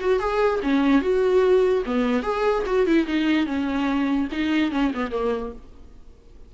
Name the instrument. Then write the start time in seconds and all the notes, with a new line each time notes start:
viola
0.00 F#4
0.19 G#4
0.63 C#4
1.01 F#4
1.86 B3
2.23 G#4
2.66 F#4
2.86 E4
3.06 D#4
3.46 C#4
4.32 D#4
4.71 C#4
4.94 B3
5.11 A#3